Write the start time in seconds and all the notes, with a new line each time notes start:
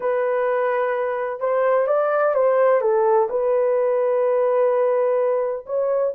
0.00 B4
1.40 C5
1.87 D5
2.34 C5
2.81 A4
3.29 B4
5.66 C#5